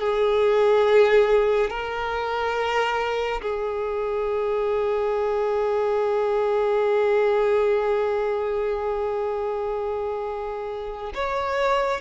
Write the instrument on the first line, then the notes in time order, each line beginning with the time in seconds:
violin
0.00 G#4
1.70 A#4
3.42 G#4
11.15 C#5